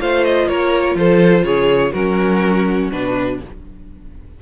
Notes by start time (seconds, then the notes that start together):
0.00 A3 F4 C5 F5
0.24 D#5
0.48 A#3 A#4 C#5
0.94 F3 A4 C5
1.43 C#3 G#4 C#5
1.92 F#3 C#4 F#4 A#4
2.91 B2 D4 B4